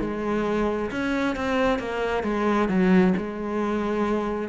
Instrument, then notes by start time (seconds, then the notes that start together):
cello
0.00 G#3
0.91 C#4
1.36 C4
1.79 A#3
2.23 G#3
2.68 F#3
3.17 G#3